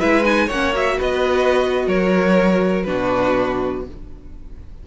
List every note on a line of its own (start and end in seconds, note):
0.00 0.49 G#3
0.00 0.24 E4
0.00 0.46 B4
0.00 0.24 E5
0.24 0.49 D#4
0.24 0.49 G#5
0.46 0.99 A#3
0.46 0.96 C#5
0.46 0.75 F#5
0.53 0.74 C#4
0.74 2.86 F#4
0.74 1.01 E5
0.98 1.87 B3
0.98 1.85 B4
0.98 1.88 D#5
1.87 2.87 F#3
1.87 2.87 A#4
1.87 2.83 C#5
2.83 3.87 B2
2.83 3.86 D4
2.83 3.87 F#4
2.83 3.83 B4